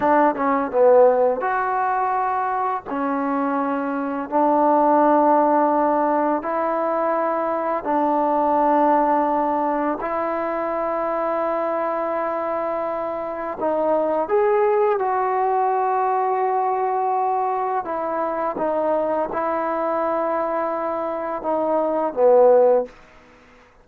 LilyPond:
\new Staff \with { instrumentName = "trombone" } { \time 4/4 \tempo 4 = 84 d'8 cis'8 b4 fis'2 | cis'2 d'2~ | d'4 e'2 d'4~ | d'2 e'2~ |
e'2. dis'4 | gis'4 fis'2.~ | fis'4 e'4 dis'4 e'4~ | e'2 dis'4 b4 | }